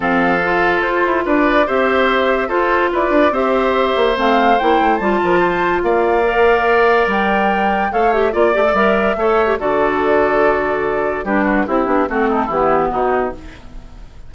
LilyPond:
<<
  \new Staff \with { instrumentName = "flute" } { \time 4/4 \tempo 4 = 144 f''2 c''4 d''4 | e''2 c''4 d''4 | e''2 f''4 g''4 | a''2 f''2~ |
f''4 g''2 f''8 e''8 | d''4 e''2 d''4~ | d''2. b'4 | g'4 a'4 g'4 fis'4 | }
  \new Staff \with { instrumentName = "oboe" } { \time 4/4 a'2. b'4 | c''2 a'4 b'4 | c''1~ | c''8 ais'8 c''4 d''2~ |
d''2. cis''4 | d''2 cis''4 a'4~ | a'2. g'8 fis'8 | e'4 fis'8 dis'8 e'4 dis'4 | }
  \new Staff \with { instrumentName = "clarinet" } { \time 4/4 c'4 f'2. | g'2 f'2 | g'2 c'4 e'4 | f'2. ais'4~ |
ais'2. a'8 g'8 | f'8 g'16 a'16 ais'4 a'8. g'16 fis'4~ | fis'2. d'4 | e'8 d'8 c'4 b2 | }
  \new Staff \with { instrumentName = "bassoon" } { \time 4/4 f2 f'8 e'8 d'4 | c'2 f'4 e'8 d'8 | c'4. ais8 a4 ais8 a8 | g8 f4. ais2~ |
ais4 g2 a4 | ais8 a8 g4 a4 d4~ | d2. g4 | c'8 b8 a4 e4 b,4 | }
>>